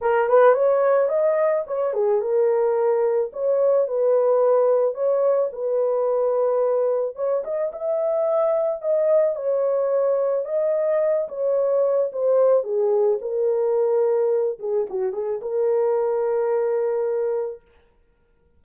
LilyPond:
\new Staff \with { instrumentName = "horn" } { \time 4/4 \tempo 4 = 109 ais'8 b'8 cis''4 dis''4 cis''8 gis'8 | ais'2 cis''4 b'4~ | b'4 cis''4 b'2~ | b'4 cis''8 dis''8 e''2 |
dis''4 cis''2 dis''4~ | dis''8 cis''4. c''4 gis'4 | ais'2~ ais'8 gis'8 fis'8 gis'8 | ais'1 | }